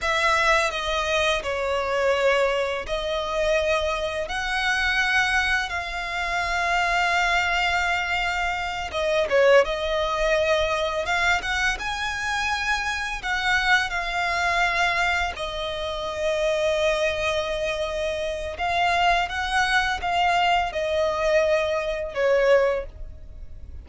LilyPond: \new Staff \with { instrumentName = "violin" } { \time 4/4 \tempo 4 = 84 e''4 dis''4 cis''2 | dis''2 fis''2 | f''1~ | f''8 dis''8 cis''8 dis''2 f''8 |
fis''8 gis''2 fis''4 f''8~ | f''4. dis''2~ dis''8~ | dis''2 f''4 fis''4 | f''4 dis''2 cis''4 | }